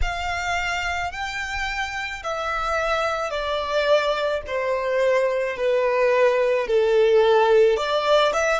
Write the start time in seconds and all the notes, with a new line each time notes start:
0.02 F5
1.11 G5
2.23 E5
3.30 D5
4.46 C5
5.57 B4
6.67 A4
7.76 D5
8.33 E5